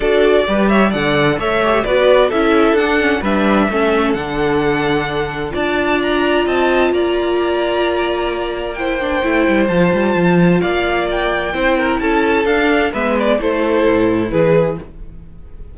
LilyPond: <<
  \new Staff \with { instrumentName = "violin" } { \time 4/4 \tempo 4 = 130 d''4. e''8 fis''4 e''4 | d''4 e''4 fis''4 e''4~ | e''4 fis''2. | a''4 ais''4 a''4 ais''4~ |
ais''2. g''4~ | g''4 a''2 f''4 | g''2 a''4 f''4 | e''8 d''8 c''2 b'4 | }
  \new Staff \with { instrumentName = "violin" } { \time 4/4 a'4 b'8 cis''8 d''4 cis''4 | b'4 a'2 b'4 | a'1 | d''2 dis''4 d''4~ |
d''2. c''4~ | c''2. d''4~ | d''4 c''8 ais'8 a'2 | b'4 a'2 gis'4 | }
  \new Staff \with { instrumentName = "viola" } { \time 4/4 fis'4 g'4 a'4. g'8 | fis'4 e'4 d'8 cis'8 d'4 | cis'4 d'2. | f'1~ |
f'2. e'8 d'8 | e'4 f'2.~ | f'4 e'2 d'4 | b4 e'2. | }
  \new Staff \with { instrumentName = "cello" } { \time 4/4 d'4 g4 d4 a4 | b4 cis'4 d'4 g4 | a4 d2. | d'2 c'4 ais4~ |
ais1 | a8 g8 f8 g8 f4 ais4~ | ais4 c'4 cis'4 d'4 | gis4 a4 a,4 e4 | }
>>